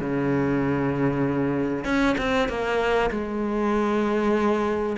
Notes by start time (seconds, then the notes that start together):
0.00 C#3
1.85 C#4
2.18 C4
2.49 A#3
3.11 G#3